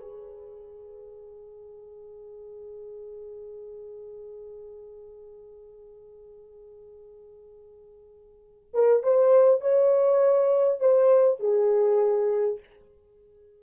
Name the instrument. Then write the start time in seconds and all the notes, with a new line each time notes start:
horn
0.00 G#4
8.73 A#4
9.03 C5
9.60 C#5
10.79 C5
11.39 G#4